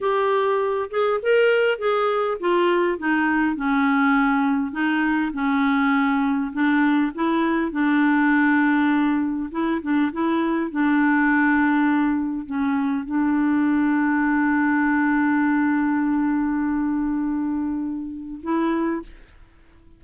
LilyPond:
\new Staff \with { instrumentName = "clarinet" } { \time 4/4 \tempo 4 = 101 g'4. gis'8 ais'4 gis'4 | f'4 dis'4 cis'2 | dis'4 cis'2 d'4 | e'4 d'2. |
e'8 d'8 e'4 d'2~ | d'4 cis'4 d'2~ | d'1~ | d'2. e'4 | }